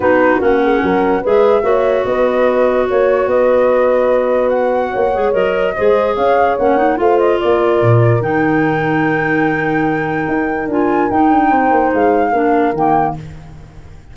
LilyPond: <<
  \new Staff \with { instrumentName = "flute" } { \time 4/4 \tempo 4 = 146 b'4 fis''2 e''4~ | e''4 dis''2 cis''4 | dis''2. fis''4~ | fis''4 dis''2 f''4 |
fis''4 f''8 dis''8 d''2 | g''1~ | g''2 gis''4 g''4~ | g''4 f''2 g''4 | }
  \new Staff \with { instrumentName = "horn" } { \time 4/4 fis'4. gis'8 ais'4 b'4 | cis''4 b'2 cis''4 | b'1 | cis''2 c''4 cis''4~ |
cis''4 c''4 ais'2~ | ais'1~ | ais'1 | c''2 ais'2 | }
  \new Staff \with { instrumentName = "clarinet" } { \time 4/4 dis'4 cis'2 gis'4 | fis'1~ | fis'1~ | fis'8 gis'8 ais'4 gis'2 |
cis'8 dis'8 f'2. | dis'1~ | dis'2 f'4 dis'4~ | dis'2 d'4 ais4 | }
  \new Staff \with { instrumentName = "tuba" } { \time 4/4 b4 ais4 fis4 gis4 | ais4 b2 ais4 | b1 | ais8 gis8 fis4 gis4 cis'4 |
ais4 a4 ais4 ais,4 | dis1~ | dis4 dis'4 d'4 dis'8 d'8 | c'8 ais8 gis4 ais4 dis4 | }
>>